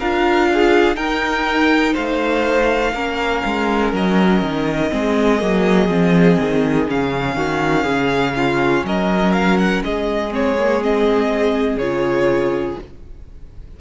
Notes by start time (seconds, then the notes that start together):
0.00 D4 F4 A#4 F5
0.54 G#4
0.96 D#4 A#4 G5
1.94 A3 C5 F5
2.95 A#3 C#4 A#4
3.45 G#3
3.93 F#3 D#5
4.42 D#3
4.91 G#3 C4 G#4
5.40 F#3 A#3
5.89 F3 C4
6.40 D#3
6.88 C#3 C#4 F5
7.36 D#3 F#4
7.85 C#3 G#4
8.37 F4
8.84 F#3 A#4 D#5
9.33 F5
9.58 F#5
9.84 G#3 G#4 D#5
10.31 C4 C#5
10.59 A#3
10.82 C4 D#5
11.77 C#3 F4 C#5